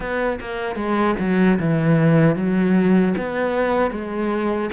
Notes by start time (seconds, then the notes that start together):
0.00 B3
0.40 A#3
0.75 G#3
1.19 F#3
1.59 E3
2.35 F#3
3.17 B3
3.90 G#3